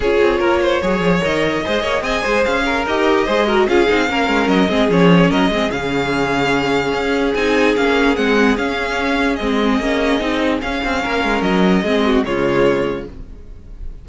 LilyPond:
<<
  \new Staff \with { instrumentName = "violin" } { \time 4/4 \tempo 4 = 147 cis''2. dis''4~ | dis''4 gis''4 f''4 dis''4~ | dis''4 f''2 dis''4 | cis''4 dis''4 f''2~ |
f''2 gis''4 f''4 | fis''4 f''2 dis''4~ | dis''2 f''2 | dis''2 cis''2 | }
  \new Staff \with { instrumentName = "violin" } { \time 4/4 gis'4 ais'8 c''8 cis''2 | c''8 cis''8 dis''8 c''4 ais'4. | c''8 ais'8 gis'4 ais'4. gis'8~ | gis'4 ais'8 gis'2~ gis'8~ |
gis'1~ | gis'1~ | gis'2. ais'4~ | ais'4 gis'8 fis'8 f'2 | }
  \new Staff \with { instrumentName = "viola" } { \time 4/4 f'2 gis'4 ais'4 | gis'2. g'4 | gis'8 fis'8 f'8 dis'8 cis'4. c'8 | cis'4. c'8 cis'2~ |
cis'2 dis'4 cis'4 | c'4 cis'2 c'4 | cis'4 dis'4 cis'2~ | cis'4 c'4 gis2 | }
  \new Staff \with { instrumentName = "cello" } { \time 4/4 cis'8 c'8 ais4 fis8 f8 dis4 | gis8 ais8 c'8 gis8 cis'4 dis'4 | gis4 cis'8 c'8 ais8 gis8 fis8 gis8 | f4 fis8 gis8 cis2~ |
cis4 cis'4 c'4 ais4 | gis4 cis'2 gis4 | ais4 c'4 cis'8 c'8 ais8 gis8 | fis4 gis4 cis2 | }
>>